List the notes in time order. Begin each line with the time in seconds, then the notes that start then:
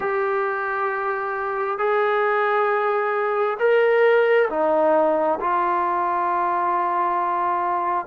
0.00 G4
1.78 G#4
3.59 A#4
4.49 D#4
5.40 F4